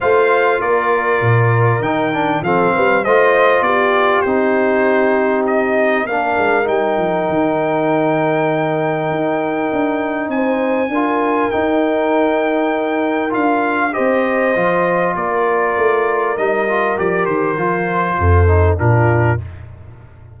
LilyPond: <<
  \new Staff \with { instrumentName = "trumpet" } { \time 4/4 \tempo 4 = 99 f''4 d''2 g''4 | f''4 dis''4 d''4 c''4~ | c''4 dis''4 f''4 g''4~ | g''1~ |
g''4 gis''2 g''4~ | g''2 f''4 dis''4~ | dis''4 d''2 dis''4 | d''8 c''2~ c''8 ais'4 | }
  \new Staff \with { instrumentName = "horn" } { \time 4/4 c''4 ais'2. | a'8 b'8 c''4 g'2~ | g'2 ais'2~ | ais'1~ |
ais'4 c''4 ais'2~ | ais'2. c''4~ | c''4 ais'2.~ | ais'2 a'4 f'4 | }
  \new Staff \with { instrumentName = "trombone" } { \time 4/4 f'2. dis'8 d'8 | c'4 f'2 dis'4~ | dis'2 d'4 dis'4~ | dis'1~ |
dis'2 f'4 dis'4~ | dis'2 f'4 g'4 | f'2. dis'8 f'8 | g'4 f'4. dis'8 d'4 | }
  \new Staff \with { instrumentName = "tuba" } { \time 4/4 a4 ais4 ais,4 dis4 | f8 g8 a4 b4 c'4~ | c'2 ais8 gis8 g8 f8 | dis2. dis'4 |
d'4 c'4 d'4 dis'4~ | dis'2 d'4 c'4 | f4 ais4 a4 g4 | f8 dis8 f4 f,4 ais,4 | }
>>